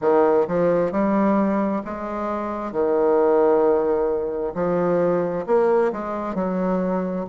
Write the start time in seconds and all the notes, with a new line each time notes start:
0.01 D#3
0.48 F3
0.91 G3
1.84 G#3
2.71 D#3
4.54 F3
5.46 A#3
5.92 G#3
6.34 F#3